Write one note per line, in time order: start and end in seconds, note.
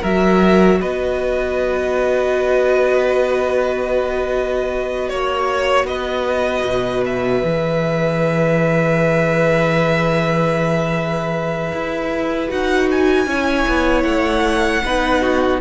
0.00 0.81 F#3
0.00 7.44 F#4
0.00 0.78 A#4
0.00 0.81 E5
0.80 5.10 B3
0.80 5.09 B4
0.80 5.08 D#5
5.08 5.84 A#3
5.08 5.86 C#5
5.08 5.87 C#5
5.84 6.62 B3
5.84 13.27 B4
5.84 7.04 D#5
6.64 7.42 B2
7.05 12.50 E5
7.43 11.72 E3
7.43 12.48 G#4
11.72 12.50 E4
12.48 13.26 D#4
12.48 13.26 F#4
12.48 12.88 F#5
12.91 14.02 G#5
13.26 13.65 C#4
13.26 14.83 E4
13.26 14.83 C#5
13.67 14.04 B3
14.02 14.82 A3
14.02 15.58 F#5
14.84 15.60 B3
14.84 15.60 D#4
14.84 15.21 B4
15.21 15.60 F#4